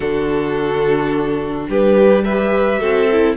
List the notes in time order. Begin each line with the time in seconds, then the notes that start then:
0.00 D3 D4 F#4 A4
1.69 G3 G4 B4
2.24 G4 B4 E5
2.79 C4 F#4 A4
3.12 E4